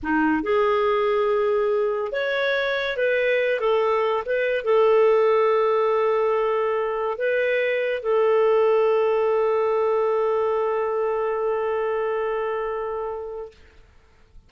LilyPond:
\new Staff \with { instrumentName = "clarinet" } { \time 4/4 \tempo 4 = 142 dis'4 gis'2.~ | gis'4 cis''2 b'4~ | b'8 a'4. b'4 a'4~ | a'1~ |
a'4 b'2 a'4~ | a'1~ | a'1~ | a'1 | }